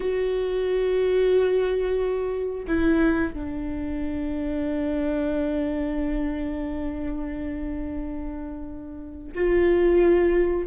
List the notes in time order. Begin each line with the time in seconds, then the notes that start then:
0.00 F#4
2.67 E4
3.33 D4
9.35 F4